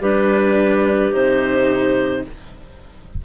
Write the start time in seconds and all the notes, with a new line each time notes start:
0.00 G3 D4 G4 B4
1.12 C3 D#4 C5